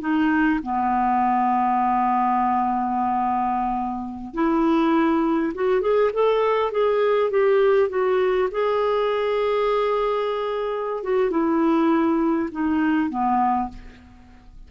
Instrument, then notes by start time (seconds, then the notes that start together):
clarinet
0.00 D#4
0.63 B3
4.34 E4
5.54 F#4
5.81 G#4
6.13 A4
6.71 G#4
7.30 G4
7.89 F#4
8.51 G#4
11.03 F#4
11.30 E4
12.51 D#4
13.09 B3